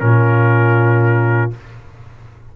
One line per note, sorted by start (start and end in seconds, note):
0.00 1.52 A#2
0.00 1.51 C#4
0.00 1.56 F4
0.00 1.51 A#4